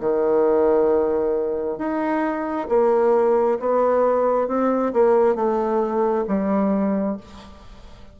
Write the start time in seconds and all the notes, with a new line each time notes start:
0.00 D#3
1.79 D#4
2.69 A#3
3.60 B3
4.48 C4
4.93 A#3
5.36 A3
6.28 G3